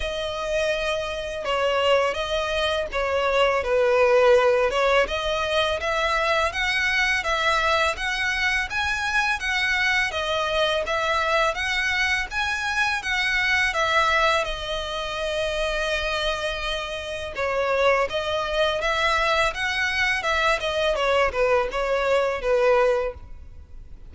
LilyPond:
\new Staff \with { instrumentName = "violin" } { \time 4/4 \tempo 4 = 83 dis''2 cis''4 dis''4 | cis''4 b'4. cis''8 dis''4 | e''4 fis''4 e''4 fis''4 | gis''4 fis''4 dis''4 e''4 |
fis''4 gis''4 fis''4 e''4 | dis''1 | cis''4 dis''4 e''4 fis''4 | e''8 dis''8 cis''8 b'8 cis''4 b'4 | }